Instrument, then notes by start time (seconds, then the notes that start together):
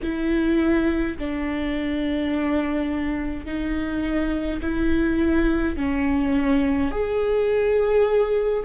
viola
0.02 E4
1.17 D4
3.45 D#4
4.62 E4
5.76 C#4
6.91 G#4